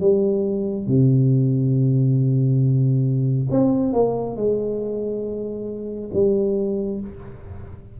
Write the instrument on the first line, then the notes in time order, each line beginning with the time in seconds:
tuba
0.00 G3
0.87 C3
3.50 C4
3.93 A#3
4.36 G#3
6.13 G3